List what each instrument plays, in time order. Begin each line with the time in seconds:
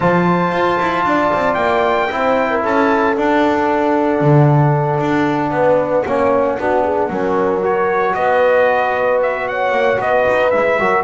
0.00 double bass F3, trombone F4, horn C5, trumpet A5
0.52 double bass F4
0.79 double bass E4
1.04 double bass D4, horn D5
1.33 double bass C4
1.54 double bass A#3, trumpet G5
2.10 double bass C4, trombone E4, horn C5
2.49 horn A#4
2.63 double bass C#4, horn A4, trumpet A5
3.16 trombone D4, double bass D4, trumpet F#5
4.20 double bass D3
5.00 double bass D4
5.51 double bass B3, horn B4
6.05 double bass A#3, trombone C#4, horn C#5
6.58 double bass B3, trombone D4, horn F#4
6.83 horn G#4
7.09 double bass F#3, trombone C#4, horn A#4
7.62 trombone F#4, trumpet C#5
8.14 double bass B3, horn B4, trumpet D#5
9.22 trumpet E5
9.48 horn C#5, trumpet F#5
9.71 double bass A#3
9.98 double bass B3, horn B4, trumpet D#5
10.28 double bass D#4
10.50 double bass G#3, trombone E4, trumpet E5
10.79 double bass F#3, trombone F#4, horn A#4